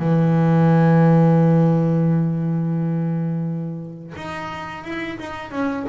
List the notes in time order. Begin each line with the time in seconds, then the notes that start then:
0.00 E3
4.16 D#4
4.84 E4
5.19 D#4
5.51 C#4